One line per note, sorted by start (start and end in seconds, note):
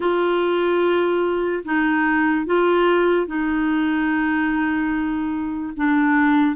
0.00 1.63 F4
1.64 2.45 D#4
2.45 3.27 F4
3.27 5.73 D#4
5.76 6.56 D4